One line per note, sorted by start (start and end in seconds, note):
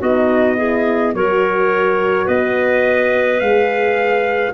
0.00 1.14 B3
0.00 0.59 D#4
0.00 0.57 F#4
0.00 1.16 D#5
0.57 1.16 E4
0.57 1.14 G#4
1.14 2.27 F#3
1.14 3.43 F#4
1.14 2.26 A#4
1.14 2.28 C#5
2.26 3.41 B3
2.26 4.52 B4
2.26 3.40 D#5
3.40 4.54 G#3
3.40 4.54 G#4
3.40 4.53 F5